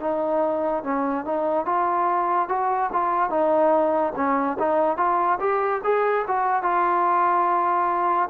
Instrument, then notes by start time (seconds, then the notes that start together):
trombone
0.00 D#4
0.83 C#4
1.25 D#4
1.66 F4
2.49 F#4
2.93 F4
3.30 D#4
4.16 C#4
4.59 D#4
4.97 F4
5.40 G4
5.84 G#4
6.28 F#4
6.62 F4